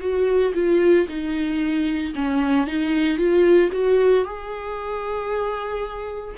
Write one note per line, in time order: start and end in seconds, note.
0.00 0.53 F#4
0.55 1.07 F4
1.08 2.13 D#4
2.15 2.67 C#4
2.67 3.17 D#4
3.17 3.70 F4
3.72 4.24 F#4
4.24 6.35 G#4